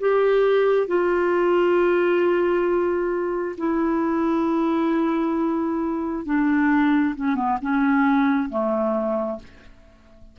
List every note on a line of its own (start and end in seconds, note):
0.00 0.87 G4
0.87 3.56 F4
3.57 6.25 E4
6.25 7.15 D4
7.16 7.36 C#4
7.36 7.58 B3
7.62 8.50 C#4
8.50 9.39 A3